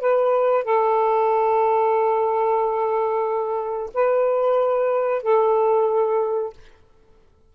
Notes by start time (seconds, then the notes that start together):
0.00 B4
0.64 A4
3.94 B4
5.22 A4